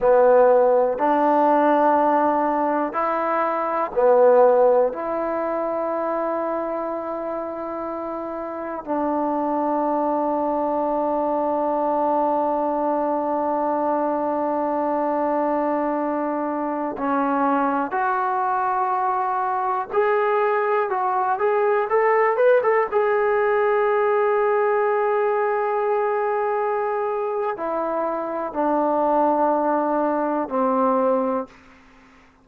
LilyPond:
\new Staff \with { instrumentName = "trombone" } { \time 4/4 \tempo 4 = 61 b4 d'2 e'4 | b4 e'2.~ | e'4 d'2.~ | d'1~ |
d'4~ d'16 cis'4 fis'4.~ fis'16~ | fis'16 gis'4 fis'8 gis'8 a'8 b'16 a'16 gis'8.~ | gis'1 | e'4 d'2 c'4 | }